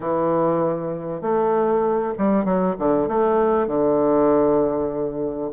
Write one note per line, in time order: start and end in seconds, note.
0.00 1.21 E3
1.21 2.13 A3
2.18 2.44 G3
2.44 2.75 F#3
2.78 3.08 D3
3.08 3.67 A3
3.67 5.50 D3